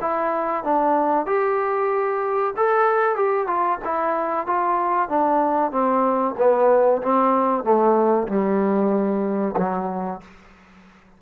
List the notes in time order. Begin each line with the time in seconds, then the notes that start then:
0.00 E4
0.64 D4
1.26 G4
2.56 A4
3.15 G4
3.46 F4
3.84 E4
4.46 F4
5.09 D4
5.71 C4
6.37 B3
7.02 C4
7.63 A3
8.27 G3
9.57 F#3